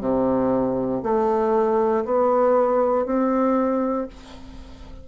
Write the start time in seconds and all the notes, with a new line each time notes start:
0.00 C3
1.02 A3
2.05 B3
3.05 C4